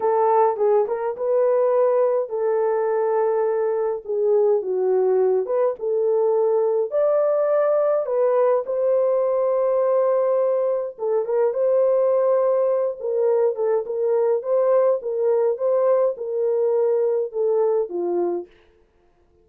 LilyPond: \new Staff \with { instrumentName = "horn" } { \time 4/4 \tempo 4 = 104 a'4 gis'8 ais'8 b'2 | a'2. gis'4 | fis'4. b'8 a'2 | d''2 b'4 c''4~ |
c''2. a'8 ais'8 | c''2~ c''8 ais'4 a'8 | ais'4 c''4 ais'4 c''4 | ais'2 a'4 f'4 | }